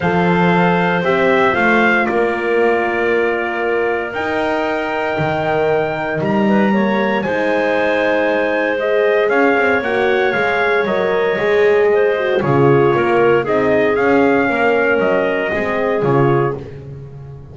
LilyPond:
<<
  \new Staff \with { instrumentName = "trumpet" } { \time 4/4 \tempo 4 = 116 f''2 e''4 f''4 | d''1 | g''1 | ais''2 gis''2~ |
gis''4 dis''4 f''4 fis''4 | f''4 dis''2. | cis''2 dis''4 f''4~ | f''4 dis''2 cis''4 | }
  \new Staff \with { instrumentName = "clarinet" } { \time 4/4 c''1 | ais'1~ | ais'1~ | ais'8 b'8 cis''4 c''2~ |
c''2 cis''2~ | cis''2. c''4 | gis'4 ais'4 gis'2 | ais'2 gis'2 | }
  \new Staff \with { instrumentName = "horn" } { \time 4/4 a'2 g'4 f'4~ | f'1 | dis'1~ | dis'4 ais4 dis'2~ |
dis'4 gis'2 fis'4 | gis'4 ais'4 gis'4. fis'8 | f'2 dis'4 cis'4~ | cis'2 c'4 f'4 | }
  \new Staff \with { instrumentName = "double bass" } { \time 4/4 f2 c'4 a4 | ais1 | dis'2 dis2 | g2 gis2~ |
gis2 cis'8 c'8 ais4 | gis4 fis4 gis2 | cis4 ais4 c'4 cis'4 | ais4 fis4 gis4 cis4 | }
>>